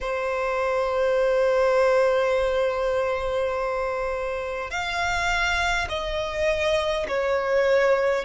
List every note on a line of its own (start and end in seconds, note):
0.01 4.70 C5
4.70 5.88 F5
5.88 7.06 D#5
7.07 8.25 C#5